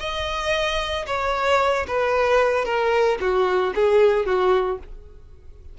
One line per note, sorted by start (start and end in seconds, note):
0.00 1.06 D#5
1.07 1.87 C#5
1.88 2.65 B4
2.65 3.18 A#4
3.21 3.74 F#4
3.75 4.26 G#4
4.26 4.79 F#4